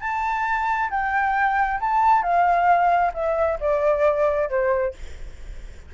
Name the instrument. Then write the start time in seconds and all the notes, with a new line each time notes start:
flute
0.00 A5
0.90 G5
1.80 A5
2.22 F5
3.14 E5
3.60 D5
4.49 C5